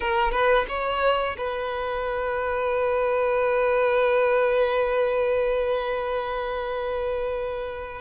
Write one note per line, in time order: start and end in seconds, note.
0.00 0.31 A#4
0.31 0.65 B4
0.68 1.36 C#5
1.37 8.01 B4